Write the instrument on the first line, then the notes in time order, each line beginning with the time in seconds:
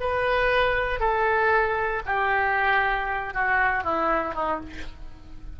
oboe
0.00 B4
0.99 A4
2.05 G4
3.33 F#4
3.83 E4
4.34 D#4